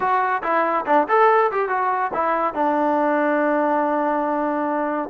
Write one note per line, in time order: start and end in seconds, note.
0.00 0.42 F#4
0.42 0.85 E4
0.86 1.07 D4
1.08 1.51 A4
1.51 1.68 G4
1.68 2.11 F#4
2.13 2.54 E4
2.54 5.09 D4